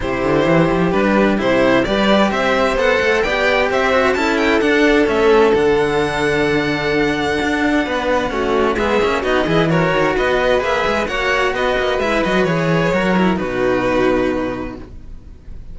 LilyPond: <<
  \new Staff \with { instrumentName = "violin" } { \time 4/4 \tempo 4 = 130 c''2 b'4 c''4 | d''4 e''4 fis''4 g''4 | e''4 a''8 g''8 fis''4 e''4 | fis''1~ |
fis''2. e''4 | dis''4 cis''4 dis''4 e''4 | fis''4 dis''4 e''8 dis''8 cis''4~ | cis''4 b'2. | }
  \new Staff \with { instrumentName = "violin" } { \time 4/4 g'1 | b'4 c''2 d''4 | c''4 a'2.~ | a'1~ |
a'4 b'4 fis'4 gis'4 | fis'8 gis'8 ais'4 b'2 | cis''4 b'2. | ais'4 fis'2. | }
  \new Staff \with { instrumentName = "cello" } { \time 4/4 e'2 d'4 e'4 | g'2 a'4 g'4~ | g'8 fis'8 e'4 d'4 cis'4 | d'1~ |
d'2 cis'4 b8 cis'8 | dis'8 e'8 fis'2 gis'4 | fis'2 e'8 fis'8 gis'4 | fis'8 e'8 dis'2. | }
  \new Staff \with { instrumentName = "cello" } { \time 4/4 c8 d8 e8 f8 g4 c4 | g4 c'4 b8 a8 b4 | c'4 cis'4 d'4 a4 | d1 |
d'4 b4 a4 gis8 ais8 | b8 e4 dis8 b4 ais8 gis8 | ais4 b8 ais8 gis8 fis8 e4 | fis4 b,2. | }
>>